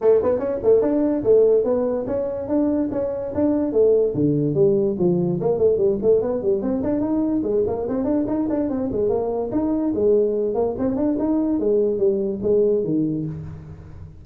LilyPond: \new Staff \with { instrumentName = "tuba" } { \time 4/4 \tempo 4 = 145 a8 b8 cis'8 a8 d'4 a4 | b4 cis'4 d'4 cis'4 | d'4 a4 d4 g4 | f4 ais8 a8 g8 a8 b8 g8 |
c'8 d'8 dis'4 gis8 ais8 c'8 d'8 | dis'8 d'8 c'8 gis8 ais4 dis'4 | gis4. ais8 c'8 d'8 dis'4 | gis4 g4 gis4 dis4 | }